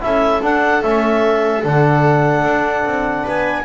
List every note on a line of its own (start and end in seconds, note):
0.00 0.41 C#4
0.00 0.40 E4
0.00 3.23 A4
0.00 0.42 E5
0.41 0.82 D4
0.41 0.83 D4
0.41 0.82 F#5
0.82 1.63 A3
0.82 1.63 C#4
0.82 1.62 E5
1.63 2.43 D3
1.63 3.64 D4
1.63 3.27 F#5
2.43 2.84 D4
2.85 3.25 C4
3.23 3.64 B3
3.23 3.63 B4
3.23 3.64 G#5